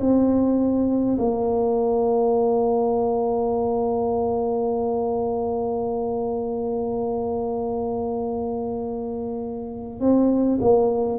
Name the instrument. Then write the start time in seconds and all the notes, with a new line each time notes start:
tuba
0.00 C4
1.18 A#3
10.00 C4
10.61 A#3